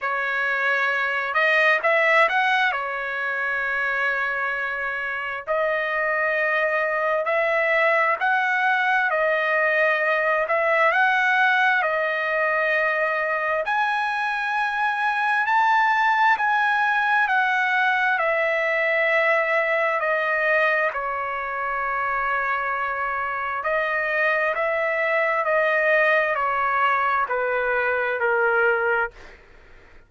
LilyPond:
\new Staff \with { instrumentName = "trumpet" } { \time 4/4 \tempo 4 = 66 cis''4. dis''8 e''8 fis''8 cis''4~ | cis''2 dis''2 | e''4 fis''4 dis''4. e''8 | fis''4 dis''2 gis''4~ |
gis''4 a''4 gis''4 fis''4 | e''2 dis''4 cis''4~ | cis''2 dis''4 e''4 | dis''4 cis''4 b'4 ais'4 | }